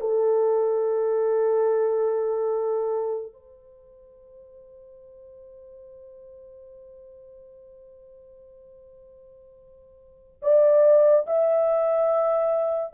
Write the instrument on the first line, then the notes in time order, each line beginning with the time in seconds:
horn
0.00 A4
3.33 C5
10.42 D5
11.27 E5